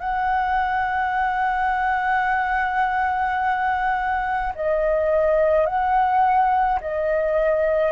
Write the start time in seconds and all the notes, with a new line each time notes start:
0.00 F#5
4.55 D#5
5.66 F#5
6.81 D#5